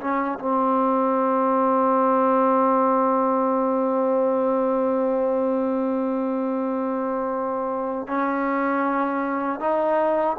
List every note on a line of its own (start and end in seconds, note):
0.00 0.38 C#4
0.39 8.07 C4
8.07 9.60 C#4
9.60 10.37 D#4